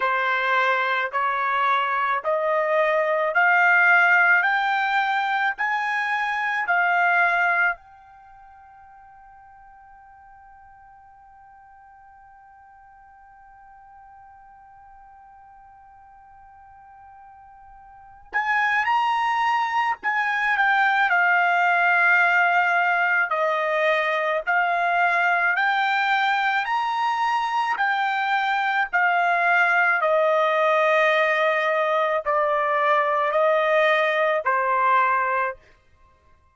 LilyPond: \new Staff \with { instrumentName = "trumpet" } { \time 4/4 \tempo 4 = 54 c''4 cis''4 dis''4 f''4 | g''4 gis''4 f''4 g''4~ | g''1~ | g''1~ |
g''8 gis''8 ais''4 gis''8 g''8 f''4~ | f''4 dis''4 f''4 g''4 | ais''4 g''4 f''4 dis''4~ | dis''4 d''4 dis''4 c''4 | }